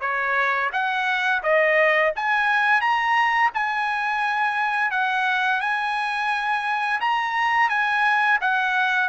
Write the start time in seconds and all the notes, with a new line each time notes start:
0.00 C#5
0.72 F#5
1.43 D#5
2.15 G#5
2.81 A#5
3.54 G#5
4.91 F#5
5.60 G#5
7.01 A#5
7.69 G#5
8.40 F#5